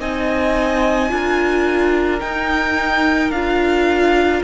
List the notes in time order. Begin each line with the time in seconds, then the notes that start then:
0.00 C4 D#4 D#5 G#5
1.09 D4 F4 A#4
2.20 D#4 G5
3.31 D4 F4 F5